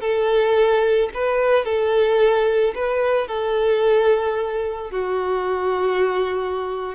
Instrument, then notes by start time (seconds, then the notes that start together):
violin
0.00 A4
1.14 B4
1.64 A4
2.74 B4
3.27 A4
4.90 F#4